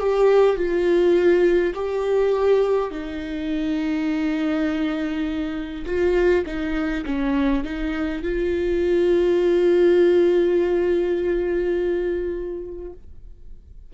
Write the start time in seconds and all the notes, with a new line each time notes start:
0.00 G4
0.56 F4
1.74 G4
2.91 D#4
5.86 F4
6.45 D#4
7.05 C#4
7.64 D#4
8.22 F4